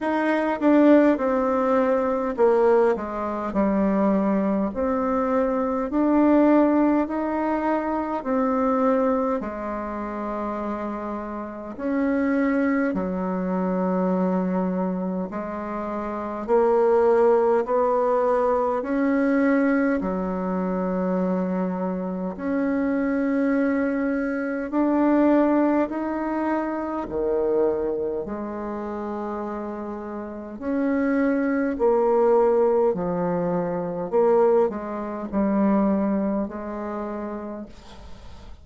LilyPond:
\new Staff \with { instrumentName = "bassoon" } { \time 4/4 \tempo 4 = 51 dis'8 d'8 c'4 ais8 gis8 g4 | c'4 d'4 dis'4 c'4 | gis2 cis'4 fis4~ | fis4 gis4 ais4 b4 |
cis'4 fis2 cis'4~ | cis'4 d'4 dis'4 dis4 | gis2 cis'4 ais4 | f4 ais8 gis8 g4 gis4 | }